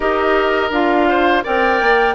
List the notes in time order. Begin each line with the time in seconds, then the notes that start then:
0.00 D#4 G4 A#4 D#5
0.70 D4 F4 F5
1.08 C5
1.43 C4 A#4 D5 G5
1.81 A#3